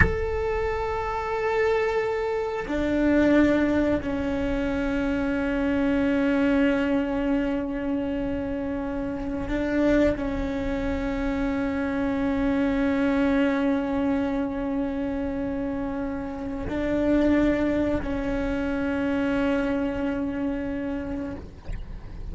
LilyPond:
\new Staff \with { instrumentName = "cello" } { \time 4/4 \tempo 4 = 90 a'1 | d'2 cis'2~ | cis'1~ | cis'2~ cis'16 d'4 cis'8.~ |
cis'1~ | cis'1~ | cis'4 d'2 cis'4~ | cis'1 | }